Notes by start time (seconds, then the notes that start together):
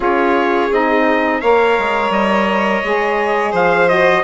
0.00 C#4 F4 G#4 C#5
0.71 C4 D#4 D#5
1.41 A#3 A#4 C#5 F5
1.78 G#3
2.10 G3 D#5
2.83 G#3 G#4
3.52 F3 C5 F5
3.88 F#4 D#5